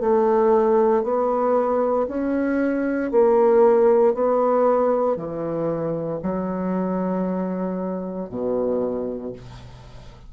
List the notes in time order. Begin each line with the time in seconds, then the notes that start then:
0.00 A3
1.03 B3
2.08 C#4
3.11 A#3
4.14 B3
5.16 E3
6.23 F#3
8.29 B2